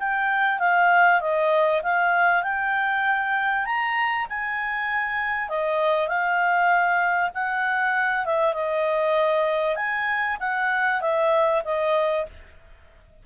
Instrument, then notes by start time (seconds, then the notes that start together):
clarinet
0.00 G5
0.60 F5
1.21 D#5
1.83 F5
2.44 G5
3.66 A#5
4.30 G#5
5.50 D#5
6.08 F5
7.35 F#5
8.26 E5
8.54 D#5
9.76 G#5
10.41 F#5
11.01 E5
11.65 D#5